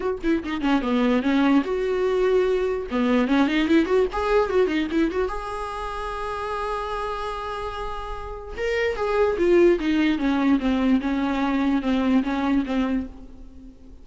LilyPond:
\new Staff \with { instrumentName = "viola" } { \time 4/4 \tempo 4 = 147 fis'8 e'8 dis'8 cis'8 b4 cis'4 | fis'2. b4 | cis'8 dis'8 e'8 fis'8 gis'4 fis'8 dis'8 | e'8 fis'8 gis'2.~ |
gis'1~ | gis'4 ais'4 gis'4 f'4 | dis'4 cis'4 c'4 cis'4~ | cis'4 c'4 cis'4 c'4 | }